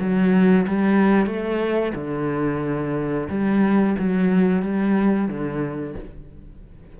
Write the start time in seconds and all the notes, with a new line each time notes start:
0.00 F#3
0.67 G3
1.26 A3
1.95 D3
3.29 G3
3.99 F#3
4.62 G3
5.29 D3